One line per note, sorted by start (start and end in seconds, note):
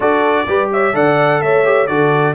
0.00 0.46 D4
0.00 0.47 F#4
0.00 0.47 A4
0.00 0.70 D5
0.47 0.93 G3
0.47 0.93 G4
0.47 0.71 B4
0.72 0.95 C#5
0.72 0.95 E5
0.93 1.41 D3
0.93 1.64 A4
0.93 1.42 D5
0.93 1.41 F#5
1.41 1.88 A3
1.41 1.88 C#5
1.41 1.86 E5
1.64 1.88 G4
1.86 2.35 D3
1.86 2.35 F#4
1.86 2.35 A4
1.86 2.33 D5